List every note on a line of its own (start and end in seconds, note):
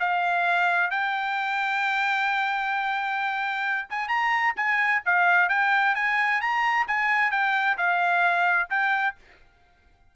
0.00 0.91 F5
0.91 3.88 G5
3.90 4.08 G#5
4.08 4.54 A#5
4.56 5.02 G#5
5.05 5.49 F5
5.49 5.95 G5
5.95 6.41 G#5
6.41 6.87 A#5
6.87 7.31 G#5
7.31 7.77 G5
7.78 8.69 F5
8.70 9.16 G5